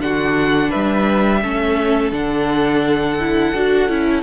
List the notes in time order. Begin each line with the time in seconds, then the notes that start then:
0.00 D3 D4 F#4 F#5
0.70 G3 B4 E5
1.42 A3 C#4 A4
2.12 D3 D4 F#5
3.20 E4
3.54 D4 F#4
3.89 C#4 E4